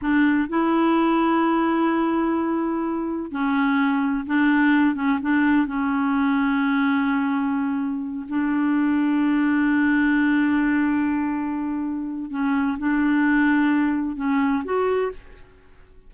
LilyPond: \new Staff \with { instrumentName = "clarinet" } { \time 4/4 \tempo 4 = 127 d'4 e'2.~ | e'2. cis'4~ | cis'4 d'4. cis'8 d'4 | cis'1~ |
cis'4. d'2~ d'8~ | d'1~ | d'2 cis'4 d'4~ | d'2 cis'4 fis'4 | }